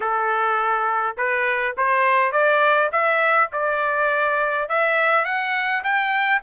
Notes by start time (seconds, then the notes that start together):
0.00 A4
1.17 B4
1.77 C5
2.32 D5
2.92 E5
3.52 D5
4.68 E5
5.24 F#5
5.83 G5